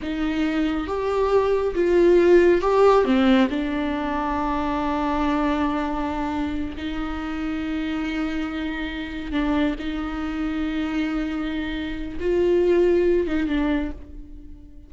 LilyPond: \new Staff \with { instrumentName = "viola" } { \time 4/4 \tempo 4 = 138 dis'2 g'2 | f'2 g'4 c'4 | d'1~ | d'2.~ d'8 dis'8~ |
dis'1~ | dis'4. d'4 dis'4.~ | dis'1 | f'2~ f'8 dis'8 d'4 | }